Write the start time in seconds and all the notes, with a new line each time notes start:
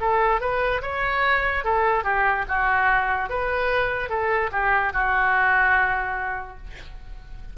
0.00 A4
0.40 B4
0.82 C#5
1.64 A4
2.04 G4
2.48 F#4
3.29 B4
4.09 A4
4.52 G4
4.93 F#4